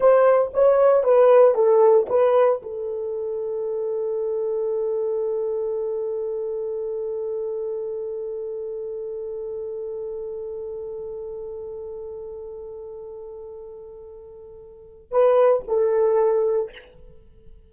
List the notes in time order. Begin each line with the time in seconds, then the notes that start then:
0.00 C5
0.53 C#5
1.03 B4
1.55 A4
2.09 B4
2.62 A4
15.11 B4
15.67 A4